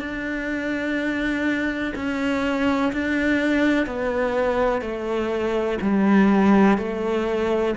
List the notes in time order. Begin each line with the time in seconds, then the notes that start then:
0.00 D4
1.96 C#4
2.93 D4
3.87 B3
4.82 A3
5.82 G3
6.78 A3